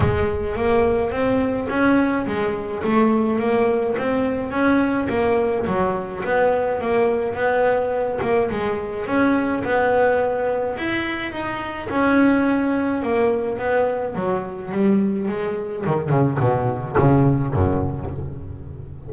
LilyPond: \new Staff \with { instrumentName = "double bass" } { \time 4/4 \tempo 4 = 106 gis4 ais4 c'4 cis'4 | gis4 a4 ais4 c'4 | cis'4 ais4 fis4 b4 | ais4 b4. ais8 gis4 |
cis'4 b2 e'4 | dis'4 cis'2 ais4 | b4 fis4 g4 gis4 | dis8 cis8 b,4 cis4 fis,4 | }